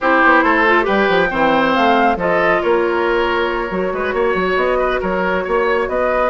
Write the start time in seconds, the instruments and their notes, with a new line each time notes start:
0.00 bassoon C4, clarinet E4, oboe G4, flute C5
0.23 bassoon B3
0.42 bassoon A3, oboe A4
0.67 clarinet F4
0.82 bassoon G3, clarinet G4, oboe B4, flute G5
1.08 bassoon F3
1.30 bassoon E3, clarinet C4, oboe C5
1.73 bassoon A3, flute F5
2.16 bassoon F3, clarinet F4, oboe A4, flute D#5
2.62 bassoon A#3, oboe A#4, flute C#5
3.69 bassoon F#3, clarinet F#4
3.93 bassoon G#3, oboe B4
4.13 bassoon A#3, oboe C#5
4.34 bassoon F#3
4.56 bassoon B3, flute D#5
4.78 oboe B4
5.00 bassoon F#3, oboe A#4, flute C#5
5.44 bassoon A#3, oboe C#5
5.87 bassoon B3, oboe B4, flute D#5